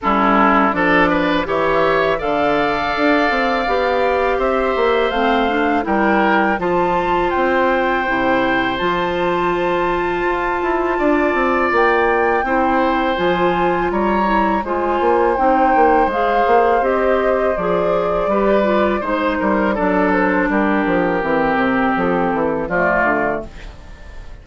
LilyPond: <<
  \new Staff \with { instrumentName = "flute" } { \time 4/4 \tempo 4 = 82 a'4 d''4 e''4 f''4~ | f''2 e''4 f''4 | g''4 a''4 g''2 | a''1 |
g''2 gis''4 ais''4 | gis''4 g''4 f''4 dis''4 | d''2 c''4 d''8 c''8 | ais'2 a'4 d''4 | }
  \new Staff \with { instrumentName = "oboe" } { \time 4/4 e'4 a'8 b'8 cis''4 d''4~ | d''2 c''2 | ais'4 c''2.~ | c''2. d''4~ |
d''4 c''2 cis''4 | c''1~ | c''4 b'4 c''8 ais'8 a'4 | g'2. f'4 | }
  \new Staff \with { instrumentName = "clarinet" } { \time 4/4 cis'4 d'4 g'4 a'4~ | a'4 g'2 c'8 d'8 | e'4 f'2 e'4 | f'1~ |
f'4 e'4 f'4. e'8 | f'4 dis'4 gis'4 g'4 | gis'4 g'8 f'8 dis'4 d'4~ | d'4 c'2 a4 | }
  \new Staff \with { instrumentName = "bassoon" } { \time 4/4 g4 f4 e4 d4 | d'8 c'8 b4 c'8 ais8 a4 | g4 f4 c'4 c4 | f2 f'8 e'8 d'8 c'8 |
ais4 c'4 f4 g4 | gis8 ais8 c'8 ais8 gis8 ais8 c'4 | f4 g4 gis8 g8 fis4 | g8 f8 e8 c8 f8 e8 f8 d8 | }
>>